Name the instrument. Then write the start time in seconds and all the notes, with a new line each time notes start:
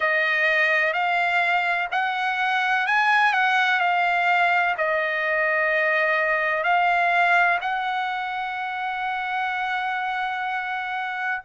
trumpet
0.00 D#5
0.93 F5
1.91 F#5
2.86 G#5
3.33 F#5
3.80 F5
4.77 D#5
6.63 F5
7.61 F#5